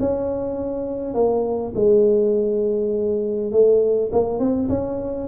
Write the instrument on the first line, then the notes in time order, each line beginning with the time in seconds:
tuba
0.00 C#4
1.15 A#3
1.76 G#3
3.52 A3
4.13 A#3
4.40 C4
4.69 C#4